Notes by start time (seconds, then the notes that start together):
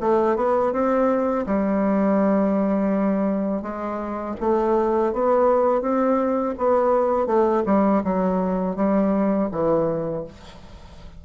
0.00 A3
0.36 B3
0.72 C4
1.46 G3
3.62 G#3
4.40 A3
5.13 B3
5.81 C4
6.58 B3
7.26 A3
7.66 G3
8.04 F#3
8.76 G3
9.52 E3